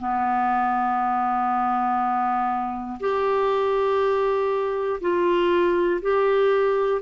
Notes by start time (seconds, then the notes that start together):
0.00 B3
3.01 G4
5.01 F4
6.02 G4